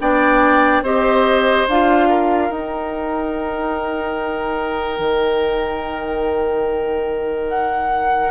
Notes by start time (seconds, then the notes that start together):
0.00 B3 D4 D5 G5
0.82 C4 G4 C5 D#5
1.68 D4 F4 F5
2.09 A#4
2.50 D#4 G5
4.99 D#3
7.49 F#5